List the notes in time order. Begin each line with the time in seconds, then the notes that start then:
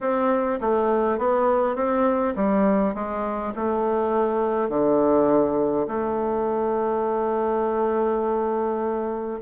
0.00 C4
0.60 A3
1.18 B3
1.75 C4
2.35 G3
2.94 G#3
3.55 A3
4.69 D3
5.87 A3